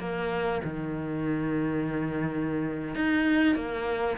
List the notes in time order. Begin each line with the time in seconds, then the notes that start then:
0.00 A#3
0.64 D#3
2.96 D#4
3.56 A#3